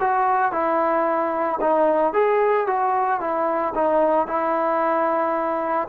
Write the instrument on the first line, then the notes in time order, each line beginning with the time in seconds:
trombone
0.00 F#4
0.52 E4
1.61 D#4
2.13 G#4
2.67 F#4
3.20 E4
3.75 D#4
4.27 E4